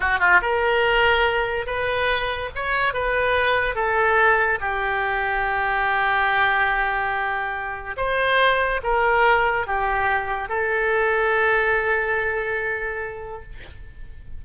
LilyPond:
\new Staff \with { instrumentName = "oboe" } { \time 4/4 \tempo 4 = 143 fis'8 f'8 ais'2. | b'2 cis''4 b'4~ | b'4 a'2 g'4~ | g'1~ |
g'2. c''4~ | c''4 ais'2 g'4~ | g'4 a'2.~ | a'1 | }